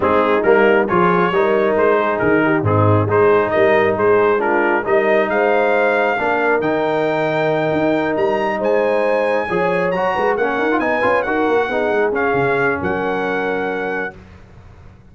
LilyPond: <<
  \new Staff \with { instrumentName = "trumpet" } { \time 4/4 \tempo 4 = 136 gis'4 ais'4 cis''2 | c''4 ais'4 gis'4 c''4 | dis''4 c''4 ais'4 dis''4 | f''2. g''4~ |
g''2~ g''8 ais''4 gis''8~ | gis''2~ gis''8 ais''4 fis''8~ | fis''8 gis''4 fis''2 f''8~ | f''4 fis''2. | }
  \new Staff \with { instrumentName = "horn" } { \time 4/4 dis'2 gis'4 ais'4~ | ais'8 gis'4 g'8 dis'4 gis'4 | ais'4 gis'4 f'4 ais'4 | c''2 ais'2~ |
ais'2.~ ais'8 c''8~ | c''4. cis''4. b'8 ais'8~ | ais'8 b'4 ais'4 gis'4.~ | gis'4 ais'2. | }
  \new Staff \with { instrumentName = "trombone" } { \time 4/4 c'4 ais4 f'4 dis'4~ | dis'2 c'4 dis'4~ | dis'2 d'4 dis'4~ | dis'2 d'4 dis'4~ |
dis'1~ | dis'4. gis'4 fis'4 cis'8~ | cis'16 f'16 dis'8 f'8 fis'4 dis'4 cis'8~ | cis'1 | }
  \new Staff \with { instrumentName = "tuba" } { \time 4/4 gis4 g4 f4 g4 | gis4 dis4 gis,4 gis4 | g4 gis2 g4 | gis2 ais4 dis4~ |
dis4. dis'4 g4 gis8~ | gis4. f4 fis8 gis8 ais8 | dis'8 b8 cis'8 dis'8 ais8 b8 gis8 cis'8 | cis4 fis2. | }
>>